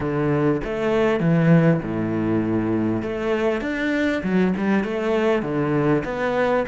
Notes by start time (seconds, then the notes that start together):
0.00 D3
0.64 A3
1.20 E3
1.82 A2
3.02 A3
3.61 D4
4.23 F#3
4.57 G3
4.84 A3
5.42 D3
6.04 B3